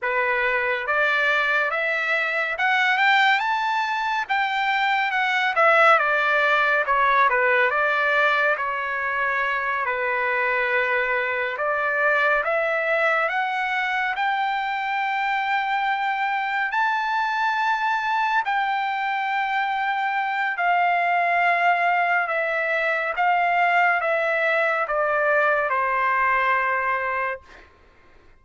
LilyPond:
\new Staff \with { instrumentName = "trumpet" } { \time 4/4 \tempo 4 = 70 b'4 d''4 e''4 fis''8 g''8 | a''4 g''4 fis''8 e''8 d''4 | cis''8 b'8 d''4 cis''4. b'8~ | b'4. d''4 e''4 fis''8~ |
fis''8 g''2. a''8~ | a''4. g''2~ g''8 | f''2 e''4 f''4 | e''4 d''4 c''2 | }